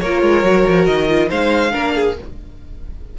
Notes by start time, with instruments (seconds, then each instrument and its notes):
0.00 cello A#3, violin A#4 C#5
0.06 viola F4
0.22 cello G#3
0.43 cello F#3, viola F#4
0.67 cello F3
0.86 cello D#3, violin D#5
1.08 viola F4
1.28 cello G#3, viola D#4, violin C5 F5
1.71 cello A#3, viola D4, violin A#4
1.95 violin G#4